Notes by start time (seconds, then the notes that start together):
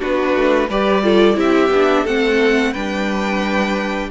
0.00 B3 D4 F#4 B4
0.35 A3
0.69 G3 G4 B4 D5
1.03 F4 A4
1.34 C4 E4 G4 E5
1.69 B3 D4
2.03 A3 C4 A4 F#5
2.72 G3 D4 B4 G5